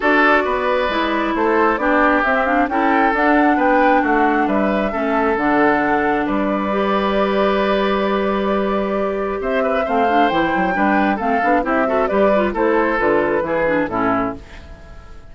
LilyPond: <<
  \new Staff \with { instrumentName = "flute" } { \time 4/4 \tempo 4 = 134 d''2. c''4 | d''4 e''8 f''8 g''4 fis''4 | g''4 fis''4 e''2 | fis''2 d''2~ |
d''1~ | d''4 e''4 f''4 g''4~ | g''4 f''4 e''4 d''4 | c''4 b'2 a'4 | }
  \new Staff \with { instrumentName = "oboe" } { \time 4/4 a'4 b'2 a'4 | g'2 a'2 | b'4 fis'4 b'4 a'4~ | a'2 b'2~ |
b'1~ | b'4 c''8 b'8 c''2 | b'4 a'4 g'8 a'8 b'4 | a'2 gis'4 e'4 | }
  \new Staff \with { instrumentName = "clarinet" } { \time 4/4 fis'2 e'2 | d'4 c'8 d'8 e'4 d'4~ | d'2. cis'4 | d'2. g'4~ |
g'1~ | g'2 c'8 d'8 e'4 | d'4 c'8 d'8 e'8 fis'8 g'8 f'8 | e'4 f'4 e'8 d'8 cis'4 | }
  \new Staff \with { instrumentName = "bassoon" } { \time 4/4 d'4 b4 gis4 a4 | b4 c'4 cis'4 d'4 | b4 a4 g4 a4 | d2 g2~ |
g1~ | g4 c'4 a4 e8 fis8 | g4 a8 b8 c'4 g4 | a4 d4 e4 a,4 | }
>>